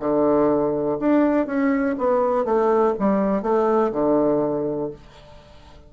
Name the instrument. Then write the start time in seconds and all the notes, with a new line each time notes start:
bassoon
0.00 D3
1.00 D4
1.47 C#4
1.99 B3
2.45 A3
2.99 G3
3.43 A3
3.92 D3